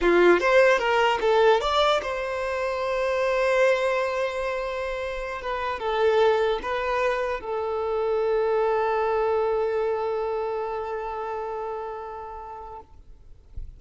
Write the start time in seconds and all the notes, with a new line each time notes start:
0.01 F4
0.40 C5
0.78 A#4
1.21 A4
1.60 D5
2.02 C5
5.41 B4
5.79 A4
6.62 B4
7.40 A4